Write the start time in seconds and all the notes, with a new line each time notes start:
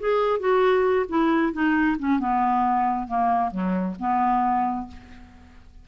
0.00 G#4
0.40 F#4
1.09 E4
1.53 D#4
1.99 C#4
2.20 B3
3.08 A#3
3.52 F#3
4.00 B3